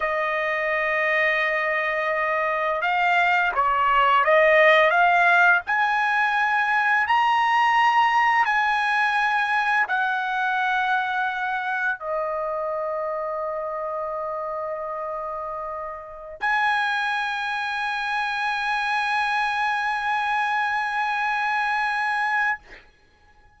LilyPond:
\new Staff \with { instrumentName = "trumpet" } { \time 4/4 \tempo 4 = 85 dis''1 | f''4 cis''4 dis''4 f''4 | gis''2 ais''2 | gis''2 fis''2~ |
fis''4 dis''2.~ | dis''2.~ dis''16 gis''8.~ | gis''1~ | gis''1 | }